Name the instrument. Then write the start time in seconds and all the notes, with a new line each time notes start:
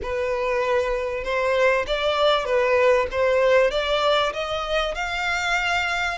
violin
0.02 B4
1.23 C5
1.86 D5
2.45 B4
3.11 C5
3.71 D5
4.33 D#5
4.95 F5